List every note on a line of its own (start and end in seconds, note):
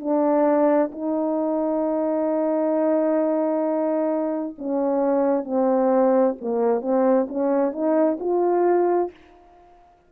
0.00 0.91 D4
0.92 4.56 D#4
4.59 5.45 C#4
5.45 6.36 C4
6.41 6.82 A#3
6.82 7.27 C4
7.29 7.72 C#4
7.72 8.18 D#4
8.20 9.11 F4